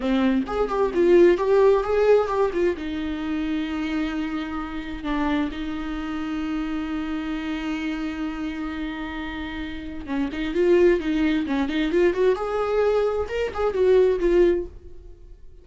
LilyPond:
\new Staff \with { instrumentName = "viola" } { \time 4/4 \tempo 4 = 131 c'4 gis'8 g'8 f'4 g'4 | gis'4 g'8 f'8 dis'2~ | dis'2. d'4 | dis'1~ |
dis'1~ | dis'2 cis'8 dis'8 f'4 | dis'4 cis'8 dis'8 f'8 fis'8 gis'4~ | gis'4 ais'8 gis'8 fis'4 f'4 | }